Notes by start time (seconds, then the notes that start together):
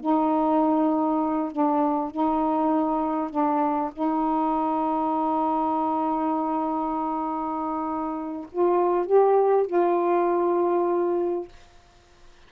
0.00 D#4
1.52 D4
2.11 D#4
3.30 D4
3.92 D#4
8.51 F4
9.06 G4
9.66 F4